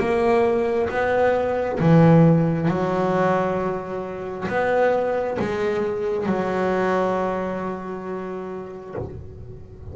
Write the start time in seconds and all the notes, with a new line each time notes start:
0.00 A#3
0.90 B3
1.80 E3
2.69 F#3
4.49 B3
5.39 G#3
6.27 F#3